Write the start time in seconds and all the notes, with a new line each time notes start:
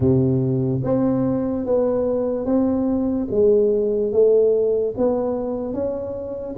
0.00 C3
0.83 C4
1.65 B3
2.45 C4
3.31 G#3
4.12 A3
4.97 B3
5.73 C#4